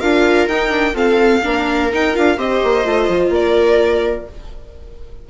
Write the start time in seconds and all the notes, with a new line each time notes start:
0.00 D4 F4 A#4 F5
0.47 D#4 G5
0.69 D4
0.93 C4 F4 A4 F5
1.42 A#3 D4 A#4
1.91 D#4 G5
2.13 D4 F4 F5
2.37 C4 G4 C5 D#5
2.63 A#3
2.84 A3 F4
3.08 F3
3.29 A#3 A#4 D5